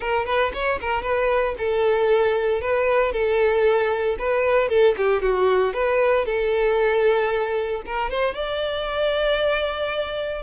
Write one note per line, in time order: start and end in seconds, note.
0.00 0.25 A#4
0.25 0.51 B4
0.53 0.79 C#5
0.80 1.02 A#4
1.02 1.54 B4
1.58 2.61 A4
2.61 3.12 B4
3.12 4.16 A4
4.19 4.68 B4
4.68 4.94 A4
4.97 5.22 G4
5.22 5.73 F#4
5.73 6.25 B4
6.25 7.82 A4
7.86 8.10 A#4
8.10 8.34 C5
8.34 10.42 D5